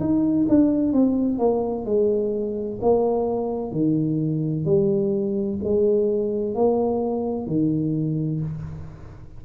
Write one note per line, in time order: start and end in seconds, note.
0.00 0.47 D#4
0.49 0.93 D4
0.93 1.38 C4
1.38 1.85 A#3
1.85 2.79 G#3
2.82 3.72 A#3
3.72 4.65 D#3
4.65 5.59 G3
5.64 6.55 G#3
6.55 7.47 A#3
7.47 8.41 D#3